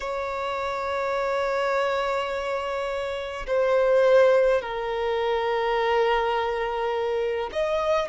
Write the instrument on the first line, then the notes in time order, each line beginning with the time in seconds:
violin
0.00 C#5
3.46 C5
4.61 A#4
7.52 D#5